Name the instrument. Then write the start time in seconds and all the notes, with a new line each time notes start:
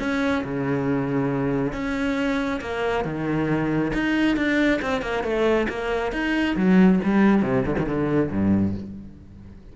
cello
0.00 C#4
0.44 C#3
1.73 C#4
2.61 A#3
3.05 D#3
3.94 D#4
4.37 D4
4.82 C4
5.02 A#3
5.24 A3
5.69 A#3
6.13 D#4
6.57 F#3
7.04 G3
7.43 C3
7.66 D3
7.79 D#3
7.87 D3
8.32 G2